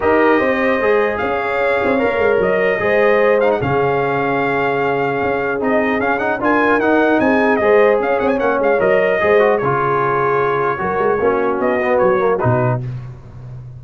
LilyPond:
<<
  \new Staff \with { instrumentName = "trumpet" } { \time 4/4 \tempo 4 = 150 dis''2. f''4~ | f''2 dis''2~ | dis''8 f''16 fis''16 f''2.~ | f''2 dis''4 f''8 fis''8 |
gis''4 fis''4 gis''4 dis''4 | f''8 fis''16 gis''16 fis''8 f''8 dis''2 | cis''1~ | cis''4 dis''4 cis''4 b'4 | }
  \new Staff \with { instrumentName = "horn" } { \time 4/4 ais'4 c''2 cis''4~ | cis''2. c''4~ | c''4 gis'2.~ | gis'1 |
ais'2 gis'4 c''4 | cis''2. c''4 | gis'2. ais'4 | fis'1 | }
  \new Staff \with { instrumentName = "trombone" } { \time 4/4 g'2 gis'2~ | gis'4 ais'2 gis'4~ | gis'8 dis'8 cis'2.~ | cis'2 dis'4 cis'8 dis'8 |
f'4 dis'2 gis'4~ | gis'4 cis'4 ais'4 gis'8 fis'8 | f'2. fis'4 | cis'4. b4 ais8 dis'4 | }
  \new Staff \with { instrumentName = "tuba" } { \time 4/4 dis'4 c'4 gis4 cis'4~ | cis'8 c'8 ais8 gis8 fis4 gis4~ | gis4 cis2.~ | cis4 cis'4 c'4 cis'4 |
d'4 dis'4 c'4 gis4 | cis'8 c'8 ais8 gis8 fis4 gis4 | cis2. fis8 gis8 | ais4 b4 fis4 b,4 | }
>>